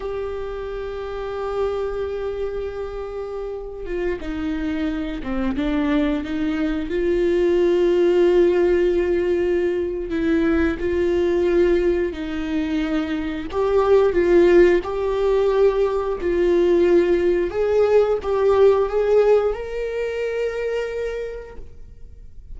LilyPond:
\new Staff \with { instrumentName = "viola" } { \time 4/4 \tempo 4 = 89 g'1~ | g'4.~ g'16 f'8 dis'4. c'16~ | c'16 d'4 dis'4 f'4.~ f'16~ | f'2. e'4 |
f'2 dis'2 | g'4 f'4 g'2 | f'2 gis'4 g'4 | gis'4 ais'2. | }